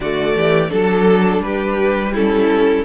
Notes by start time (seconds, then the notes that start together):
0.00 D3 A3 F#4 D5
0.35 E3 G4
0.69 F#3 D4 A4
1.38 G3 B4
1.44 G4
2.12 C#4 E4 A4